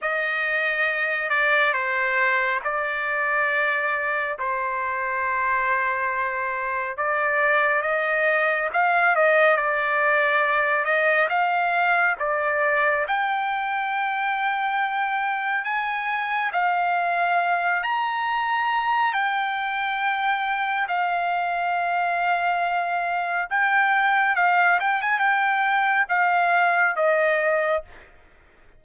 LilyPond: \new Staff \with { instrumentName = "trumpet" } { \time 4/4 \tempo 4 = 69 dis''4. d''8 c''4 d''4~ | d''4 c''2. | d''4 dis''4 f''8 dis''8 d''4~ | d''8 dis''8 f''4 d''4 g''4~ |
g''2 gis''4 f''4~ | f''8 ais''4. g''2 | f''2. g''4 | f''8 g''16 gis''16 g''4 f''4 dis''4 | }